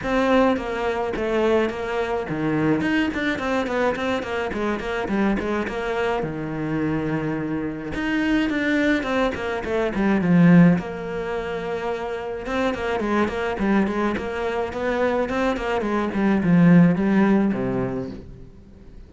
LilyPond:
\new Staff \with { instrumentName = "cello" } { \time 4/4 \tempo 4 = 106 c'4 ais4 a4 ais4 | dis4 dis'8 d'8 c'8 b8 c'8 ais8 | gis8 ais8 g8 gis8 ais4 dis4~ | dis2 dis'4 d'4 |
c'8 ais8 a8 g8 f4 ais4~ | ais2 c'8 ais8 gis8 ais8 | g8 gis8 ais4 b4 c'8 ais8 | gis8 g8 f4 g4 c4 | }